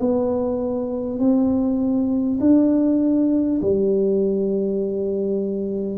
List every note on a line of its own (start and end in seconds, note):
0.00 1.19 B3
1.19 2.39 C4
2.41 3.61 D4
3.62 5.98 G3